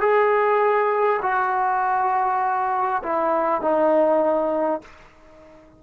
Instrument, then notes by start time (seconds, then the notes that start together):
trombone
0.00 G#4
1.22 F#4
3.03 E4
3.61 D#4